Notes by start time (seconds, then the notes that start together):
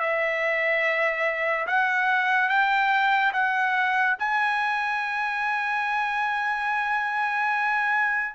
0.00 E5
1.67 F#5
2.49 G5
3.33 F#5
4.19 G#5